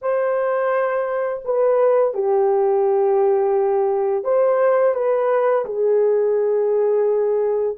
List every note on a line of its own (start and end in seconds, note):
0.01 1.42 C5
1.45 2.14 B4
2.14 4.24 G4
4.24 4.94 C5
4.94 5.65 B4
5.65 7.76 G#4